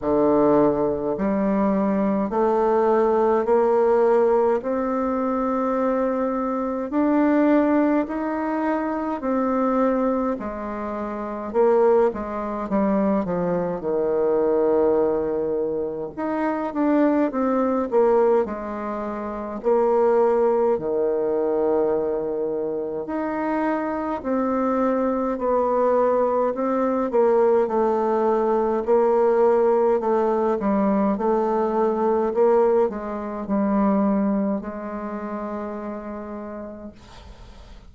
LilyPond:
\new Staff \with { instrumentName = "bassoon" } { \time 4/4 \tempo 4 = 52 d4 g4 a4 ais4 | c'2 d'4 dis'4 | c'4 gis4 ais8 gis8 g8 f8 | dis2 dis'8 d'8 c'8 ais8 |
gis4 ais4 dis2 | dis'4 c'4 b4 c'8 ais8 | a4 ais4 a8 g8 a4 | ais8 gis8 g4 gis2 | }